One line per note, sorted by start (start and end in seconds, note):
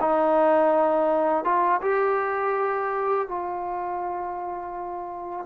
0.00 1.44 D#4
1.44 1.81 F4
1.81 3.28 G4
3.28 5.45 F4